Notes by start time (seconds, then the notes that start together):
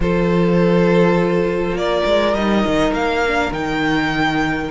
0.00 F3 F4 A4 C5
1.72 A#3 D5
1.79 A#4
2.05 G#3
2.34 G3 D#4 D#5
2.66 D#3
2.92 A#3 F5
3.27 D4
3.51 D#3 D#4 G5